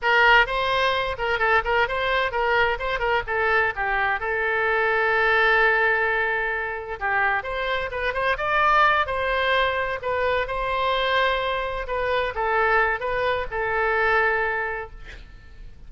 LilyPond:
\new Staff \with { instrumentName = "oboe" } { \time 4/4 \tempo 4 = 129 ais'4 c''4. ais'8 a'8 ais'8 | c''4 ais'4 c''8 ais'8 a'4 | g'4 a'2.~ | a'2. g'4 |
c''4 b'8 c''8 d''4. c''8~ | c''4. b'4 c''4.~ | c''4. b'4 a'4. | b'4 a'2. | }